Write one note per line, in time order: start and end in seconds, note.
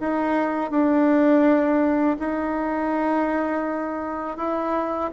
0.00 0.71 D#4
0.71 2.17 D4
2.19 4.37 D#4
4.37 5.11 E4